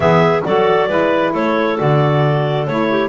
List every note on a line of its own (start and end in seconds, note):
0.00 0.42 E3
0.00 0.41 B3
0.00 0.44 G#4
0.00 0.43 E5
0.44 0.89 F#3
0.44 0.89 F#4
0.44 0.88 A4
0.44 1.33 D5
0.88 1.33 G#3
0.88 1.76 E4
0.88 1.32 B4
1.32 1.78 A3
1.32 2.88 A4
1.32 1.78 C#5
1.76 2.67 D3
1.76 2.65 F#4
1.76 2.66 D5
2.66 3.09 A3
2.66 3.09 E4
2.66 3.09 C#5
2.90 3.09 G4